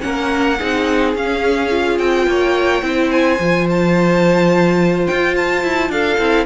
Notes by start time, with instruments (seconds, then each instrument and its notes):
0.00 cello A#3, viola C#4, violin A#4 F#5
0.58 cello C4, viola D#4, violin G#4
1.15 cello C#4, viola C#4, violin F5
1.70 viola F4
1.98 cello C4, violin G5
2.26 cello A#3, violin C#5
2.82 cello C4, viola E4, violin C5
3.11 violin G#5
3.39 cello F3, viola F4
3.70 violin A5
5.06 cello F4, violin G5
5.36 violin A5
5.63 cello E4
5.89 cello D4, violin A4 F5
6.18 cello C4, viola E4